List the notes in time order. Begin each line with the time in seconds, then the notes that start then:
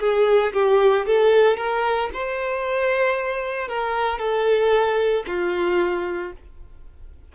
0.00 G#4
0.53 G4
1.06 A4
1.57 A#4
2.13 C5
3.68 A#4
4.19 A4
5.27 F4